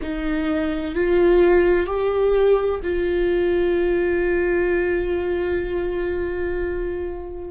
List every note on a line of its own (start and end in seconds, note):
0.01 0.94 D#4
0.94 1.86 F4
1.86 2.80 G4
2.82 7.50 F4